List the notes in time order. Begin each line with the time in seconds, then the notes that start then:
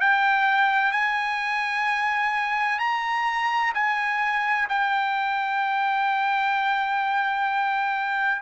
0.00 G5
0.92 G#5
2.79 A#5
3.74 G#5
4.69 G5